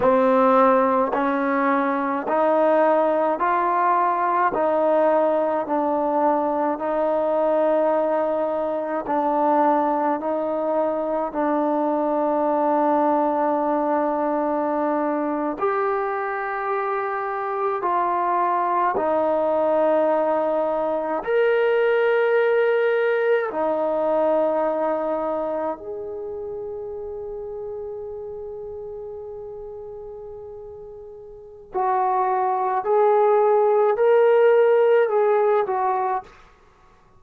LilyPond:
\new Staff \with { instrumentName = "trombone" } { \time 4/4 \tempo 4 = 53 c'4 cis'4 dis'4 f'4 | dis'4 d'4 dis'2 | d'4 dis'4 d'2~ | d'4.~ d'16 g'2 f'16~ |
f'8. dis'2 ais'4~ ais'16~ | ais'8. dis'2 gis'4~ gis'16~ | gis'1 | fis'4 gis'4 ais'4 gis'8 fis'8 | }